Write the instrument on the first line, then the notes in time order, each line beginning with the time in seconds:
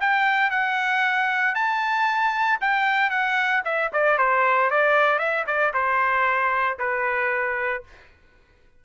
trumpet
0.00 G5
0.50 F#5
1.54 A5
2.60 G5
3.10 F#5
3.65 E5
3.92 D5
4.18 C5
4.70 D5
5.18 E5
5.46 D5
5.73 C5
6.79 B4